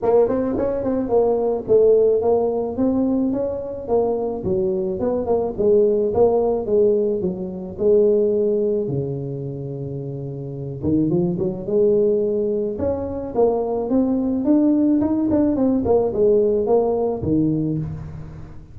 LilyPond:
\new Staff \with { instrumentName = "tuba" } { \time 4/4 \tempo 4 = 108 ais8 c'8 cis'8 c'8 ais4 a4 | ais4 c'4 cis'4 ais4 | fis4 b8 ais8 gis4 ais4 | gis4 fis4 gis2 |
cis2.~ cis8 dis8 | f8 fis8 gis2 cis'4 | ais4 c'4 d'4 dis'8 d'8 | c'8 ais8 gis4 ais4 dis4 | }